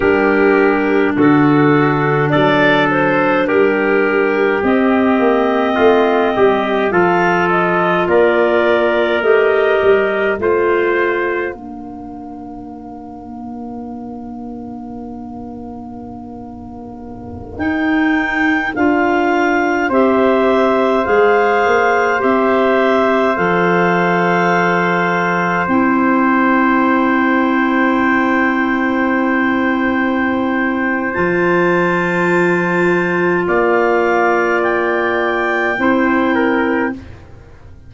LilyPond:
<<
  \new Staff \with { instrumentName = "clarinet" } { \time 4/4 \tempo 4 = 52 ais'4 a'4 d''8 c''8 ais'4 | dis''2 f''8 dis''8 d''4 | dis''4 f''2.~ | f''2.~ f''16 g''8.~ |
g''16 f''4 e''4 f''4 e''8.~ | e''16 f''2 g''4.~ g''16~ | g''2. a''4~ | a''4 f''4 g''2 | }
  \new Staff \with { instrumentName = "trumpet" } { \time 4/4 g'4 fis'4 a'4 g'4~ | g'4 f'8 g'8 a'4 ais'4~ | ais'4 c''4 ais'2~ | ais'1~ |
ais'4~ ais'16 c''2~ c''8.~ | c''1~ | c''1~ | c''4 d''2 c''8 ais'8 | }
  \new Staff \with { instrumentName = "clarinet" } { \time 4/4 d'1 | c'2 f'2 | g'4 f'4 d'2~ | d'2.~ d'16 dis'8.~ |
dis'16 f'4 g'4 gis'4 g'8.~ | g'16 a'2 e'4.~ e'16~ | e'2. f'4~ | f'2. e'4 | }
  \new Staff \with { instrumentName = "tuba" } { \time 4/4 g4 d4 fis4 g4 | c'8 ais8 a8 g8 f4 ais4 | a8 g8 a4 ais2~ | ais2.~ ais16 dis'8.~ |
dis'16 d'4 c'4 gis8 ais8 c'8.~ | c'16 f2 c'4.~ c'16~ | c'2. f4~ | f4 ais2 c'4 | }
>>